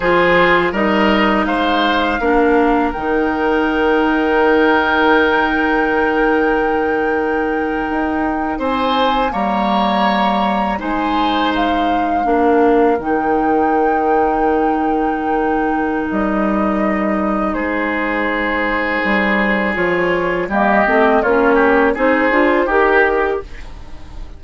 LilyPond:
<<
  \new Staff \with { instrumentName = "flute" } { \time 4/4 \tempo 4 = 82 c''4 dis''4 f''2 | g''1~ | g''2.~ g''8. gis''16~ | gis''8. ais''2 gis''4 f''16~ |
f''4.~ f''16 g''2~ g''16~ | g''2 dis''2 | c''2. cis''4 | dis''4 cis''4 c''4 ais'4 | }
  \new Staff \with { instrumentName = "oboe" } { \time 4/4 gis'4 ais'4 c''4 ais'4~ | ais'1~ | ais'2.~ ais'8. c''16~ | c''8. cis''2 c''4~ c''16~ |
c''8. ais'2.~ ais'16~ | ais'1 | gis'1 | g'4 f'8 g'8 gis'4 g'4 | }
  \new Staff \with { instrumentName = "clarinet" } { \time 4/4 f'4 dis'2 d'4 | dis'1~ | dis'1~ | dis'8. ais2 dis'4~ dis'16~ |
dis'8. d'4 dis'2~ dis'16~ | dis'1~ | dis'2. f'4 | ais8 c'8 cis'4 dis'8 f'8 g'4 | }
  \new Staff \with { instrumentName = "bassoon" } { \time 4/4 f4 g4 gis4 ais4 | dis1~ | dis2~ dis8. dis'4 c'16~ | c'8. g2 gis4~ gis16~ |
gis8. ais4 dis2~ dis16~ | dis2 g2 | gis2 g4 f4 | g8 a8 ais4 c'8 d'8 dis'4 | }
>>